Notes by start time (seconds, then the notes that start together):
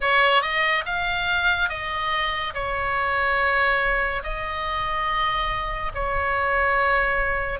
0.00 C#5
0.41 D#5
0.85 F5
1.69 D#5
2.54 C#5
4.23 D#5
5.94 C#5